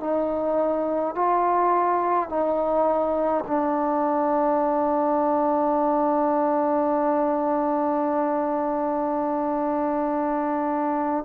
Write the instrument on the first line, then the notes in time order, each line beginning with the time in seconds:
trombone
0.00 D#4
1.15 F4
2.29 D#4
3.47 D4